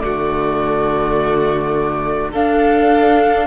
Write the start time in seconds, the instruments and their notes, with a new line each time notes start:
0.00 cello D3, viola A3, violin F#4, flute D5
2.31 viola D4, cello D4, violin A4, flute F5